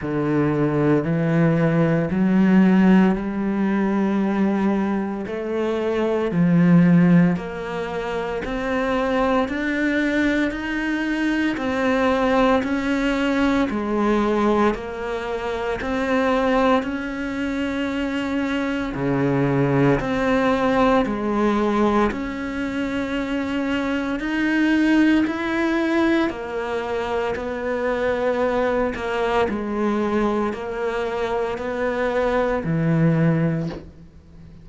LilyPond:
\new Staff \with { instrumentName = "cello" } { \time 4/4 \tempo 4 = 57 d4 e4 fis4 g4~ | g4 a4 f4 ais4 | c'4 d'4 dis'4 c'4 | cis'4 gis4 ais4 c'4 |
cis'2 cis4 c'4 | gis4 cis'2 dis'4 | e'4 ais4 b4. ais8 | gis4 ais4 b4 e4 | }